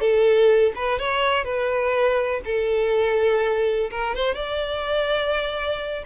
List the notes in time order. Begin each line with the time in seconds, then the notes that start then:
0.00 A4
0.75 B4
0.99 C#5
1.44 B4
2.45 A4
3.91 A#4
4.15 C5
4.34 D5